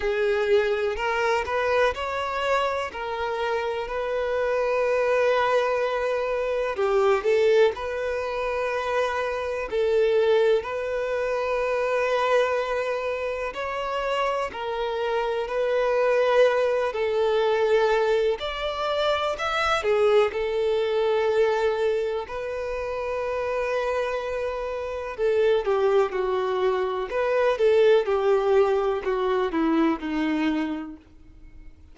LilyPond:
\new Staff \with { instrumentName = "violin" } { \time 4/4 \tempo 4 = 62 gis'4 ais'8 b'8 cis''4 ais'4 | b'2. g'8 a'8 | b'2 a'4 b'4~ | b'2 cis''4 ais'4 |
b'4. a'4. d''4 | e''8 gis'8 a'2 b'4~ | b'2 a'8 g'8 fis'4 | b'8 a'8 g'4 fis'8 e'8 dis'4 | }